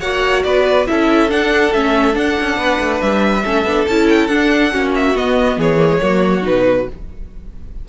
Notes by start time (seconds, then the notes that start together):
0.00 A#3 F#4 C#5 F#5
0.44 B3 B4 D5
0.87 C#4 E4 A4 E5
1.29 D4 F#5
1.73 A3 C#4 E5
2.13 D4 F#5
2.41 C#4
2.57 B3 B4
2.80 A3
3.01 G3 E5
3.45 A3 C#4 A4
3.65 B3 D4
3.87 C#4 E4 A5
4.09 G5
4.27 D4 F#5
4.72 A#3 C#4 F#4
4.95 E5
5.15 B3 D#5
5.57 E3 G#4 C#5
5.78 A#3
5.89 G#3
6.01 F#3 A#3 F#4
6.42 B2 D#4 B4